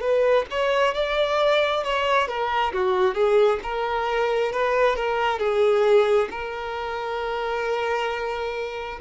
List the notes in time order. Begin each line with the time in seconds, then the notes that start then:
0.00 B4
0.50 C#5
0.94 D5
1.84 C#5
2.28 A#4
2.72 F#4
3.14 G#4
3.63 A#4
4.52 B4
4.95 A#4
5.39 G#4
6.31 A#4